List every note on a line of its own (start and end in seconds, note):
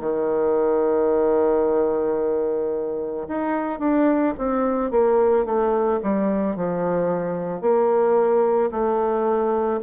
0.00 3.27 D#3
3.28 3.79 D#4
3.79 4.34 D4
4.38 4.91 C4
4.91 5.45 A#3
5.45 6.00 A3
6.03 6.56 G3
6.56 7.61 F3
7.61 8.70 A#3
8.71 9.80 A3